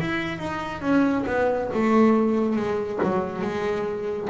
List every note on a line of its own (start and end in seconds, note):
0.00 0.38 E4
0.38 0.81 D#4
0.81 1.25 C#4
1.26 1.70 B3
1.74 2.56 A3
2.56 2.99 G#3
3.03 3.42 F#3
3.42 4.28 G#3